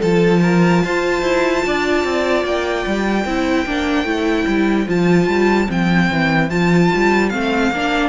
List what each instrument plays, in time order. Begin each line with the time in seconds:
0.00 cello F3, viola F4, violin A4 A5
0.43 violin A#4
0.85 cello F4, violin C5
1.22 cello E4
1.66 cello D4, violin D5
2.05 cello C4
2.45 cello A#3, violin G5
2.87 cello G3
3.25 cello C4, viola E4, violin C5
3.66 cello A#3, viola D4
4.05 cello A3, viola E4
4.47 cello G3
4.88 cello F3, viola F4, violin A5
5.28 cello G3
5.68 cello F3, viola C4, violin G5
6.11 cello E3
6.50 cello F3, viola F4, violin A5
6.95 cello G3
7.30 cello A3, viola C4, violin F5
7.72 cello A#3, viola D4